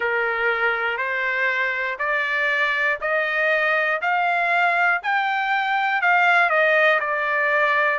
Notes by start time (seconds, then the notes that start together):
0.00 A#4
0.97 C5
1.98 D5
3.00 D#5
4.01 F5
5.03 G5
6.01 F5
6.49 D#5
7.00 D5